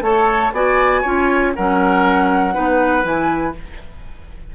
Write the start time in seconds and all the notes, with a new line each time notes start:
0.00 A3 A4 C#5 A5
0.52 B3 F#4 D5 G#5
1.01 C#4 F4 C#5
1.55 F#3 C#4 A#4 F#5
2.53 B3 D#4 B4
3.02 E3 E4 G#5